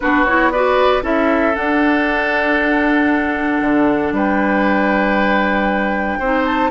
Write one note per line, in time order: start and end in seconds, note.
0.00 1.02 B3
0.00 0.27 D4
0.00 0.51 F#4
0.00 0.24 B4
0.24 0.53 E4
0.24 0.50 C#5
0.51 1.02 F#4
0.51 1.03 B4
0.51 1.03 D5
1.02 1.54 C#4
1.02 1.53 E4
1.02 4.13 A4
1.02 1.55 E5
1.55 6.20 D4
1.55 3.61 D4
1.55 4.14 F#5
3.61 4.12 D3
4.12 6.19 G3
4.12 6.19 B4
4.12 6.45 G5
6.19 6.70 C4
6.19 6.70 D#4
6.19 6.70 C5
6.45 6.70 A5